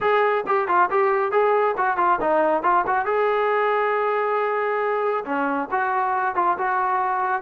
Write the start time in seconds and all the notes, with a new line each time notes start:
0.00 G#4
0.46 G4
0.67 F4
0.90 G4
1.31 G#4
1.77 F#4
1.97 F4
2.21 D#4
2.63 F4
2.86 F#4
3.05 G#4
5.25 C#4
5.71 F#4
6.35 F4
6.58 F#4